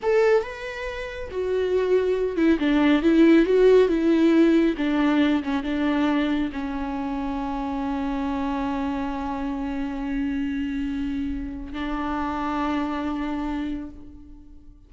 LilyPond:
\new Staff \with { instrumentName = "viola" } { \time 4/4 \tempo 4 = 138 a'4 b'2 fis'4~ | fis'4. e'8 d'4 e'4 | fis'4 e'2 d'4~ | d'8 cis'8 d'2 cis'4~ |
cis'1~ | cis'1~ | cis'2. d'4~ | d'1 | }